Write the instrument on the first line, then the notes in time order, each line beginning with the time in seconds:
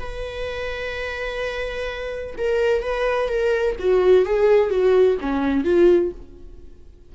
viola
0.00 B4
2.38 A#4
2.83 B4
3.29 A#4
3.79 F#4
4.26 G#4
4.71 F#4
5.21 C#4
5.65 F4